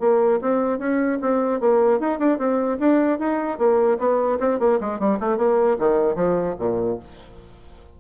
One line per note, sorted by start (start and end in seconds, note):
0.00 0.40 A#3
0.42 0.79 C4
0.79 1.19 C#4
1.21 1.61 C4
1.61 2.00 A#3
2.00 2.19 D#4
2.19 2.38 D4
2.38 2.78 C4
2.80 3.19 D4
3.19 3.59 D#4
3.59 3.99 A#3
3.99 4.39 B3
4.40 4.60 C4
4.60 4.80 A#3
4.81 5.00 G#3
5.00 5.20 G3
5.20 5.38 A3
5.38 5.78 A#3
5.79 6.16 D#3
6.16 6.56 F3
6.59 6.99 A#2